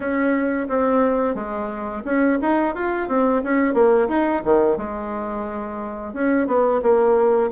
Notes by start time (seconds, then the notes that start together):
0.00 C#4
0.68 C4
1.35 G#3
2.04 C#4
2.41 D#4
2.74 F4
3.08 C4
3.43 C#4
3.73 A#3
4.08 D#4
4.44 D#3
4.77 G#3
6.13 C#4
6.47 B3
6.82 A#3